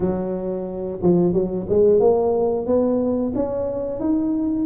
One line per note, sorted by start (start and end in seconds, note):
0.00 0.99 F#3
1.02 1.33 F3
1.33 1.66 F#3
1.68 2.00 G#3
2.00 2.66 A#3
2.66 3.32 B3
3.35 4.00 C#4
4.00 4.65 D#4